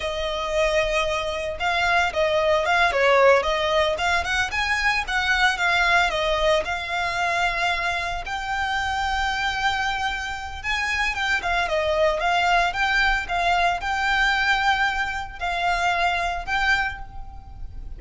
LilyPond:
\new Staff \with { instrumentName = "violin" } { \time 4/4 \tempo 4 = 113 dis''2. f''4 | dis''4 f''8 cis''4 dis''4 f''8 | fis''8 gis''4 fis''4 f''4 dis''8~ | dis''8 f''2. g''8~ |
g''1 | gis''4 g''8 f''8 dis''4 f''4 | g''4 f''4 g''2~ | g''4 f''2 g''4 | }